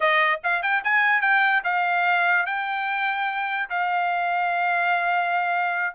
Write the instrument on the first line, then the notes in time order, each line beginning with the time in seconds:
trumpet
0.00 D#5
0.43 F5
0.62 G5
0.84 G#5
1.21 G5
1.63 F5
2.46 G5
3.69 F5